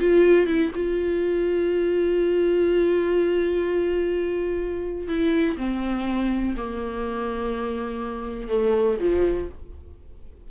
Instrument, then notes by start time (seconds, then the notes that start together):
viola
0.00 F4
0.47 E4
0.75 F4
5.08 E4
5.58 C4
6.57 A#3
8.49 A3
9.00 F3